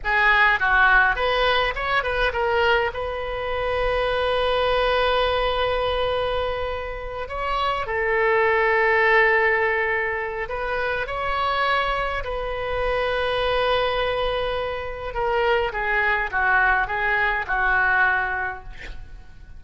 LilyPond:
\new Staff \with { instrumentName = "oboe" } { \time 4/4 \tempo 4 = 103 gis'4 fis'4 b'4 cis''8 b'8 | ais'4 b'2.~ | b'1~ | b'8 cis''4 a'2~ a'8~ |
a'2 b'4 cis''4~ | cis''4 b'2.~ | b'2 ais'4 gis'4 | fis'4 gis'4 fis'2 | }